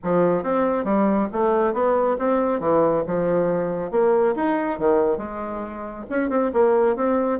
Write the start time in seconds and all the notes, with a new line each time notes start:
0.03 F3
0.43 C4
0.84 G3
1.32 A3
1.73 B3
2.18 C4
2.60 E3
3.07 F3
3.91 A#3
4.35 D#4
4.78 D#3
5.17 G#3
6.09 C#4
6.29 C4
6.53 A#3
6.96 C4